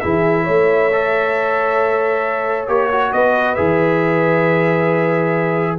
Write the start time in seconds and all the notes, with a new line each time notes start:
0.00 E3 E4 G#4 E5
0.43 A3 C#5
0.92 A4
2.68 A#3 G4 C#5
2.92 F#4
3.12 B3 B4 D#5
3.55 E3 G#4 E5